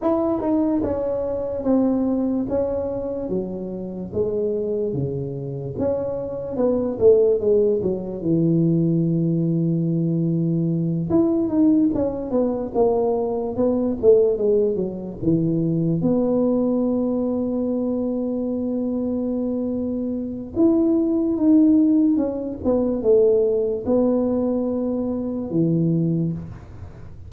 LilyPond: \new Staff \with { instrumentName = "tuba" } { \time 4/4 \tempo 4 = 73 e'8 dis'8 cis'4 c'4 cis'4 | fis4 gis4 cis4 cis'4 | b8 a8 gis8 fis8 e2~ | e4. e'8 dis'8 cis'8 b8 ais8~ |
ais8 b8 a8 gis8 fis8 e4 b8~ | b1~ | b4 e'4 dis'4 cis'8 b8 | a4 b2 e4 | }